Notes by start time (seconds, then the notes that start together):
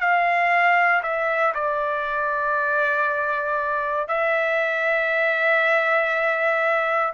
0.00 F5
1.02 E5
1.54 D5
4.08 E5